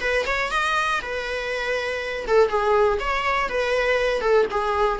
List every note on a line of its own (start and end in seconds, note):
0.00 0.25 B4
0.26 0.50 C#5
0.50 1.00 D#5
1.01 2.25 B4
2.27 2.48 A4
2.48 2.98 G#4
2.99 3.48 C#5
3.48 4.21 B4
4.21 4.45 A4
4.50 4.99 G#4